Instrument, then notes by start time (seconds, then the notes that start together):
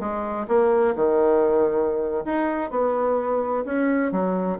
bassoon
0.00 G#3
0.48 A#3
0.96 D#3
2.25 D#4
2.71 B3
3.65 C#4
4.12 F#3